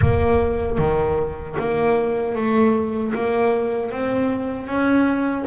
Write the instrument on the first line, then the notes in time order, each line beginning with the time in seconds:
double bass
0.01 A#3
0.78 D#3
1.58 A#3
2.35 A3
3.14 A#3
3.91 C4
4.66 C#4